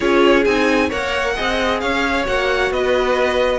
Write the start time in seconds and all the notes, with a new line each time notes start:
0.00 C#4 F4 G#4 C#5
0.44 C4 D#4 G#5
0.88 A#3 A#4 C#5 F#5
1.35 C4 G#4 D#5
1.80 C#4 C#5 F5
2.25 A#3 F#4 F#5
2.70 B3 B4 D#5